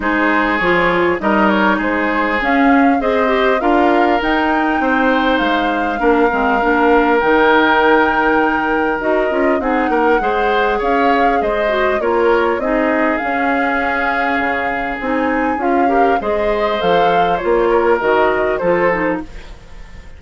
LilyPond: <<
  \new Staff \with { instrumentName = "flute" } { \time 4/4 \tempo 4 = 100 c''4 cis''4 dis''8 cis''8 c''4 | f''4 dis''4 f''4 g''4~ | g''4 f''2. | g''2. dis''4 |
fis''2 f''4 dis''4 | cis''4 dis''4 f''2~ | f''4 gis''4 f''4 dis''4 | f''4 cis''4 dis''4 c''4 | }
  \new Staff \with { instrumentName = "oboe" } { \time 4/4 gis'2 ais'4 gis'4~ | gis'4 c''4 ais'2 | c''2 ais'2~ | ais'1 |
gis'8 ais'8 c''4 cis''4 c''4 | ais'4 gis'2.~ | gis'2~ gis'8 ais'8 c''4~ | c''4. ais'4. a'4 | }
  \new Staff \with { instrumentName = "clarinet" } { \time 4/4 dis'4 f'4 dis'2 | cis'4 gis'8 g'8 f'4 dis'4~ | dis'2 d'8 c'8 d'4 | dis'2. fis'8 f'8 |
dis'4 gis'2~ gis'8 fis'8 | f'4 dis'4 cis'2~ | cis'4 dis'4 f'8 g'8 gis'4 | a'4 f'4 fis'4 f'8 dis'8 | }
  \new Staff \with { instrumentName = "bassoon" } { \time 4/4 gis4 f4 g4 gis4 | cis'4 c'4 d'4 dis'4 | c'4 gis4 ais8 gis8 ais4 | dis2. dis'8 cis'8 |
c'8 ais8 gis4 cis'4 gis4 | ais4 c'4 cis'2 | cis4 c'4 cis'4 gis4 | f4 ais4 dis4 f4 | }
>>